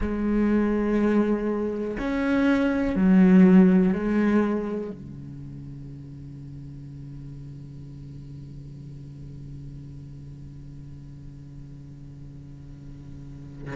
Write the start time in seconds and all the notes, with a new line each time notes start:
0.00 G#3
1.99 C#4
2.95 F#3
3.92 G#3
4.90 C#3